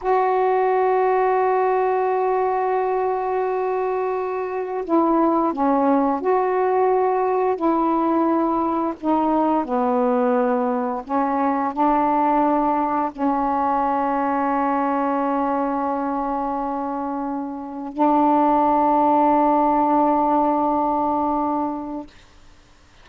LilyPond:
\new Staff \with { instrumentName = "saxophone" } { \time 4/4 \tempo 4 = 87 fis'1~ | fis'2. e'4 | cis'4 fis'2 e'4~ | e'4 dis'4 b2 |
cis'4 d'2 cis'4~ | cis'1~ | cis'2 d'2~ | d'1 | }